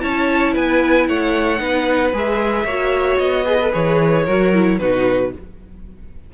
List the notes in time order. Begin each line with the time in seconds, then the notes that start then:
0.00 C#4 E4 C#5 A5
0.54 B3 B4 G#5
1.08 A3 C#5 F#5
1.58 B3 D#4 B4
2.13 G#3 G#4 E5
2.65 A#3 F#4 C#5
3.18 B3 D#5
3.44 G#4 B4
3.62 A4
3.72 E3 G#4 C#5
4.25 F#3 F#4 A#4
4.54 E4
4.79 B2 D#4 F#4 B4